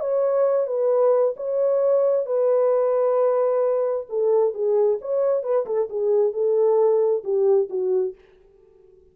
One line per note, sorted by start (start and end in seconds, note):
0.00 0.67 C#5
0.67 1.35 B4
1.36 2.26 C#5
2.26 4.06 B4
4.09 4.54 A4
4.54 4.99 G#4
5.01 5.43 C#5
5.43 5.66 B4
5.66 5.89 A4
5.90 6.33 G#4
6.33 7.23 A4
7.24 7.69 G4
7.70 8.15 F#4